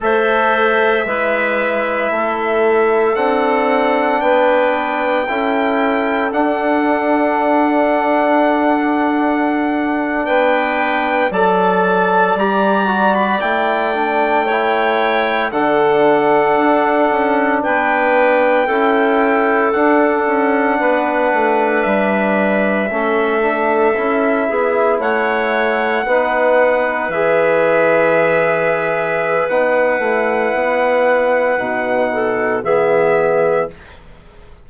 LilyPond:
<<
  \new Staff \with { instrumentName = "trumpet" } { \time 4/4 \tempo 4 = 57 e''2. fis''4 | g''2 fis''2~ | fis''4.~ fis''16 g''4 a''4 ais''16~ | ais''8 b''16 g''2 fis''4~ fis''16~ |
fis''8. g''2 fis''4~ fis''16~ | fis''8. e''2. fis''16~ | fis''4.~ fis''16 e''2~ e''16 | fis''2. e''4 | }
  \new Staff \with { instrumentName = "clarinet" } { \time 4/4 c''4 b'4 a'2 | b'4 a'2.~ | a'4.~ a'16 b'4 d''4~ d''16~ | d''4.~ d''16 cis''4 a'4~ a'16~ |
a'8. b'4 a'2 b'16~ | b'4.~ b'16 a'4. gis'8 cis''16~ | cis''8. b'2.~ b'16~ | b'2~ b'8 a'8 gis'4 | }
  \new Staff \with { instrumentName = "trombone" } { \time 4/4 a'4 e'2 d'4~ | d'4 e'4 d'2~ | d'2~ d'8. a'4 g'16~ | g'16 fis'8 e'8 d'8 e'4 d'4~ d'16~ |
d'4.~ d'16 e'4 d'4~ d'16~ | d'4.~ d'16 cis'8 d'8 e'4~ e'16~ | e'8. dis'4 gis'2~ gis'16 | dis'8 e'4. dis'4 b4 | }
  \new Staff \with { instrumentName = "bassoon" } { \time 4/4 a4 gis4 a4 c'4 | b4 cis'4 d'2~ | d'4.~ d'16 b4 fis4 g16~ | g8. a2 d4 d'16~ |
d'16 cis'8 b4 cis'4 d'8 cis'8 b16~ | b16 a8 g4 a4 cis'8 b8 a16~ | a8. b4 e2~ e16 | b8 a8 b4 b,4 e4 | }
>>